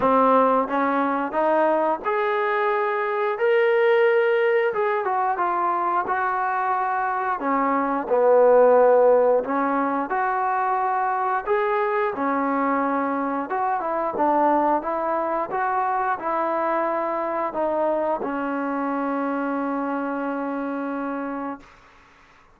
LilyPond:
\new Staff \with { instrumentName = "trombone" } { \time 4/4 \tempo 4 = 89 c'4 cis'4 dis'4 gis'4~ | gis'4 ais'2 gis'8 fis'8 | f'4 fis'2 cis'4 | b2 cis'4 fis'4~ |
fis'4 gis'4 cis'2 | fis'8 e'8 d'4 e'4 fis'4 | e'2 dis'4 cis'4~ | cis'1 | }